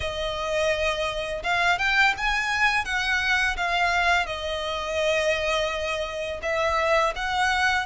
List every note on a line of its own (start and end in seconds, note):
0.00 1.43 D#5
1.43 1.78 F5
1.78 2.14 G5
2.17 2.84 G#5
2.84 3.56 F#5
3.56 4.26 F5
4.26 6.40 D#5
6.42 7.13 E5
7.15 7.86 F#5